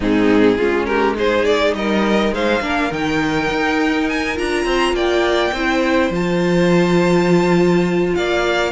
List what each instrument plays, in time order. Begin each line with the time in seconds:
0.00 cello G#2, viola C4, violin D#4 G#4
0.56 cello G#3, viola C#4, violin F4
0.85 violin G4 A#4
1.15 viola D#4, violin G#4 C5
1.44 violin D5
1.73 cello G3, violin A#4 D#5
2.31 cello G#3, violin C5 F5
2.61 cello A#3, viola D4, violin A#4
2.91 cello D#3, viola D#4, violin G5
3.51 cello D#4
4.08 violin G#5
4.35 cello D4, viola F4, violin A#5
4.65 cello C4, violin C5
4.93 cello A#3, violin D5 G5
5.52 cello C4, viola E4, violin C5
6.10 cello F3, viola F4, violin A5
8.14 cello A#3, violin D5 F5